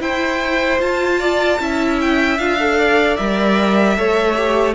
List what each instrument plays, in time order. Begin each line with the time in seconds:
0.00 cello E4, viola E4, violin C5 G5
0.79 viola F4, cello F4, violin A5
1.19 violin D5
1.60 cello C#4, viola E4, violin E5
2.01 violin G5
2.38 cello D4, viola F4, violin F5
2.60 viola A4
2.78 violin D5
3.16 cello G3, viola A#4, violin E5
3.96 cello A3, viola A4, violin C#5
4.36 viola G4